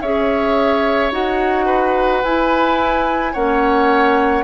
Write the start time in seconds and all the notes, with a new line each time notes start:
0.00 C#4 G#4 C#5 E5
1.11 D#4 F#4 F#5
1.65 B4
2.23 E4 G#5
3.32 A#3 C#4 C#5 F#5